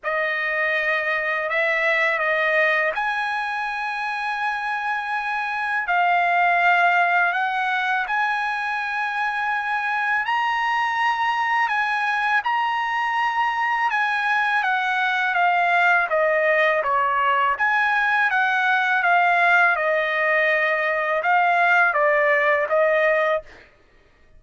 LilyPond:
\new Staff \with { instrumentName = "trumpet" } { \time 4/4 \tempo 4 = 82 dis''2 e''4 dis''4 | gis''1 | f''2 fis''4 gis''4~ | gis''2 ais''2 |
gis''4 ais''2 gis''4 | fis''4 f''4 dis''4 cis''4 | gis''4 fis''4 f''4 dis''4~ | dis''4 f''4 d''4 dis''4 | }